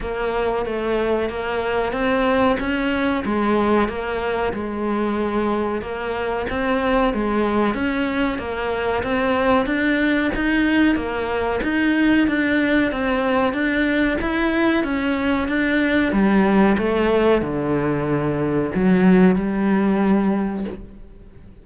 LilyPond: \new Staff \with { instrumentName = "cello" } { \time 4/4 \tempo 4 = 93 ais4 a4 ais4 c'4 | cis'4 gis4 ais4 gis4~ | gis4 ais4 c'4 gis4 | cis'4 ais4 c'4 d'4 |
dis'4 ais4 dis'4 d'4 | c'4 d'4 e'4 cis'4 | d'4 g4 a4 d4~ | d4 fis4 g2 | }